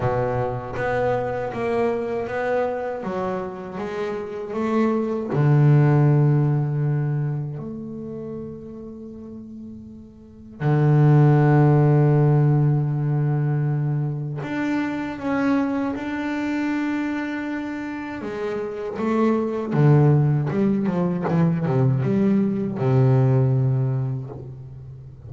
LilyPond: \new Staff \with { instrumentName = "double bass" } { \time 4/4 \tempo 4 = 79 b,4 b4 ais4 b4 | fis4 gis4 a4 d4~ | d2 a2~ | a2 d2~ |
d2. d'4 | cis'4 d'2. | gis4 a4 d4 g8 f8 | e8 c8 g4 c2 | }